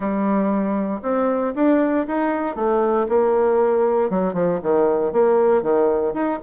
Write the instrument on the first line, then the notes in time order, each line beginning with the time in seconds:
bassoon
0.00 G3
1.02 C4
1.55 D4
2.07 D#4
2.55 A3
3.09 A#3
4.09 F#3
4.33 F3
4.62 D#3
5.12 A#3
5.62 D#3
6.13 D#4